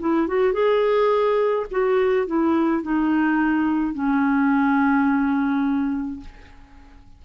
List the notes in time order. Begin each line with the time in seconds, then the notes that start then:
0.00 E4
0.28 F#4
0.53 G#4
1.71 F#4
2.27 E4
2.83 D#4
3.94 C#4